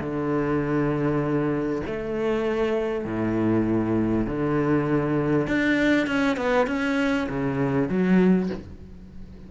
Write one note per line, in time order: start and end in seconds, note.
0.00 1.82 D3
1.86 3.06 A3
3.06 4.26 A2
4.26 5.47 D3
5.47 6.07 D4
6.07 6.37 C#4
6.37 6.67 B3
6.67 7.28 C#4
7.29 7.89 C#3
7.89 8.50 F#3